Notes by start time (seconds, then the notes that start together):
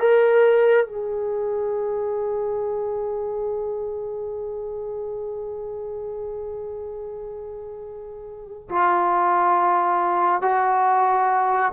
0.00 A#4
0.87 G#4
8.70 F4
10.42 F#4